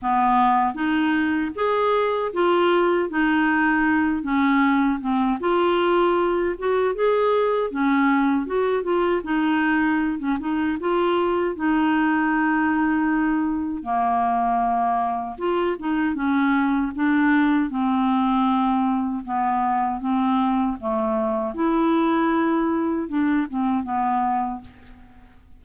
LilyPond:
\new Staff \with { instrumentName = "clarinet" } { \time 4/4 \tempo 4 = 78 b4 dis'4 gis'4 f'4 | dis'4. cis'4 c'8 f'4~ | f'8 fis'8 gis'4 cis'4 fis'8 f'8 | dis'4~ dis'16 cis'16 dis'8 f'4 dis'4~ |
dis'2 ais2 | f'8 dis'8 cis'4 d'4 c'4~ | c'4 b4 c'4 a4 | e'2 d'8 c'8 b4 | }